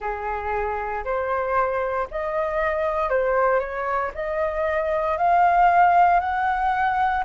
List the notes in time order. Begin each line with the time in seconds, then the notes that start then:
0.00 G#4
1.04 C5
2.11 D#5
3.09 C5
3.59 C#5
4.14 D#5
5.17 F5
6.20 F#5